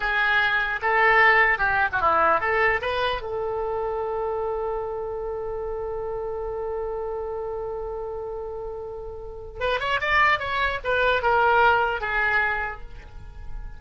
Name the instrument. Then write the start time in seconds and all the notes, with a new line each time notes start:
oboe
0.00 G#4
0.82 A4
1.58 G4
1.92 F#4
2.01 E4
2.40 A4
2.81 B4
3.21 A4
9.59 B4
9.79 C#5
10.00 D5
10.39 C#5
10.84 B4
11.22 A#4
12.00 G#4